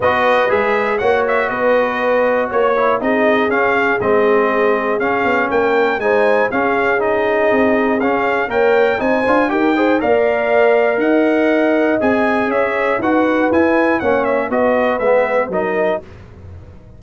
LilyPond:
<<
  \new Staff \with { instrumentName = "trumpet" } { \time 4/4 \tempo 4 = 120 dis''4 e''4 fis''8 e''8 dis''4~ | dis''4 cis''4 dis''4 f''4 | dis''2 f''4 g''4 | gis''4 f''4 dis''2 |
f''4 g''4 gis''4 g''4 | f''2 fis''2 | gis''4 e''4 fis''4 gis''4 | fis''8 e''8 dis''4 e''4 dis''4 | }
  \new Staff \with { instrumentName = "horn" } { \time 4/4 b'2 cis''4 b'4~ | b'4 cis''4 gis'2~ | gis'2. ais'4 | c''4 gis'2.~ |
gis'4 cis''4 c''4 ais'8 c''8 | d''2 dis''2~ | dis''4 cis''4 b'2 | cis''4 b'2 ais'4 | }
  \new Staff \with { instrumentName = "trombone" } { \time 4/4 fis'4 gis'4 fis'2~ | fis'4. e'8 dis'4 cis'4 | c'2 cis'2 | dis'4 cis'4 dis'2 |
cis'4 ais'4 dis'8 f'8 g'8 gis'8 | ais'1 | gis'2 fis'4 e'4 | cis'4 fis'4 b4 dis'4 | }
  \new Staff \with { instrumentName = "tuba" } { \time 4/4 b4 gis4 ais4 b4~ | b4 ais4 c'4 cis'4 | gis2 cis'8 b8 ais4 | gis4 cis'2 c'4 |
cis'4 ais4 c'8 d'8 dis'4 | ais2 dis'2 | c'4 cis'4 dis'4 e'4 | ais4 b4 gis4 fis4 | }
>>